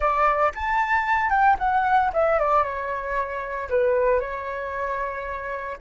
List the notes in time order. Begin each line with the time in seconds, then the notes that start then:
0.00 D5
0.54 A5
1.30 G5
1.58 F#5
2.13 E5
2.39 D5
2.63 C#5
3.69 B4
4.19 C#5